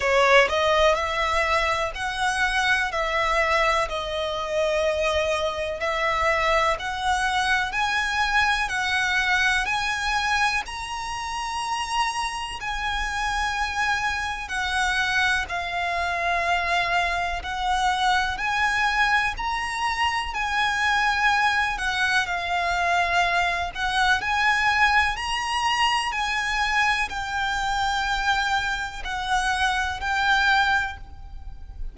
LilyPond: \new Staff \with { instrumentName = "violin" } { \time 4/4 \tempo 4 = 62 cis''8 dis''8 e''4 fis''4 e''4 | dis''2 e''4 fis''4 | gis''4 fis''4 gis''4 ais''4~ | ais''4 gis''2 fis''4 |
f''2 fis''4 gis''4 | ais''4 gis''4. fis''8 f''4~ | f''8 fis''8 gis''4 ais''4 gis''4 | g''2 fis''4 g''4 | }